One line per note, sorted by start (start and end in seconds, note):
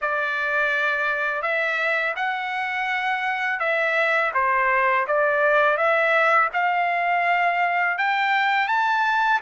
0.01 1.42 D5
1.42 2.14 E5
2.16 3.59 F#5
3.59 4.31 E5
4.34 5.06 C5
5.07 5.77 D5
5.77 6.49 E5
6.53 7.97 F5
7.98 8.67 G5
8.67 9.40 A5